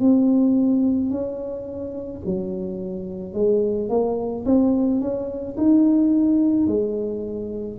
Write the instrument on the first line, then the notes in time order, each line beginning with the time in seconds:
tuba
0.00 C4
1.10 C#4
2.26 F#3
3.34 G#3
3.89 A#3
4.45 C4
5.01 C#4
5.57 D#4
6.67 G#3